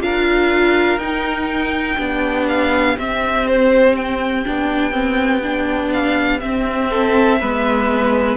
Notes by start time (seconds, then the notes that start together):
0.00 D4 F4 A#4 F5
0.98 D#4 G5
1.97 B3 D4 G4
2.48 F5
2.97 C4 E5
3.47 C5
3.95 G5
4.45 B3 D4
4.91 C4
5.42 D4
5.92 F5
6.39 C4 E5
6.90 A4
7.40 G#3 B3 B4